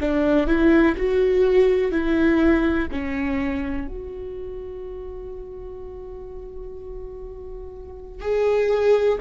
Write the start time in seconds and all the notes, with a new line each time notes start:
0.00 D4
0.48 E4
0.97 F#4
1.92 E4
2.92 C#4
3.88 F#4
8.22 G#4